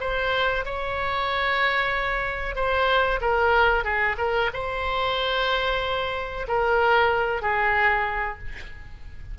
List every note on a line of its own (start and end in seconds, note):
0.00 0.65 C5
0.65 2.55 C#5
2.55 3.19 C5
3.21 3.84 A#4
3.84 4.16 G#4
4.18 4.50 A#4
4.53 6.46 C5
6.47 7.41 A#4
7.41 8.38 G#4